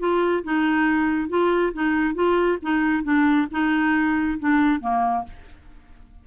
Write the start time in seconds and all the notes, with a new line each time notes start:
0.00 F4
0.44 D#4
1.29 F4
1.74 D#4
2.15 F4
2.63 D#4
3.04 D4
3.52 D#4
4.40 D4
4.81 A#3